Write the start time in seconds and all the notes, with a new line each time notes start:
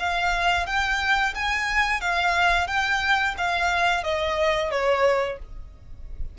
0.00 F5
0.67 G5
1.35 G#5
2.01 F5
2.68 G5
3.38 F5
4.04 D#5
4.71 C#5